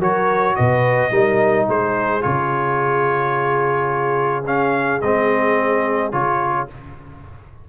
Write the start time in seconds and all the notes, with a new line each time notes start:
0.00 F#3 F#4 A#4 C#5
0.56 B2 B4 D#5
1.12 G3 D#4 A#4
1.69 G#3 G#4 C5
2.22 C#3 F4 C#5
4.47 C#4 F5
5.02 G#3 C4 D#5
6.12 C#3 F4 C#5